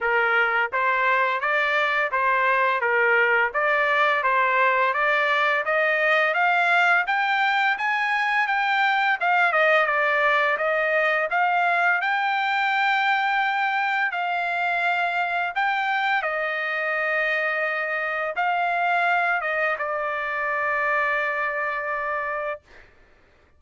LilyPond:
\new Staff \with { instrumentName = "trumpet" } { \time 4/4 \tempo 4 = 85 ais'4 c''4 d''4 c''4 | ais'4 d''4 c''4 d''4 | dis''4 f''4 g''4 gis''4 | g''4 f''8 dis''8 d''4 dis''4 |
f''4 g''2. | f''2 g''4 dis''4~ | dis''2 f''4. dis''8 | d''1 | }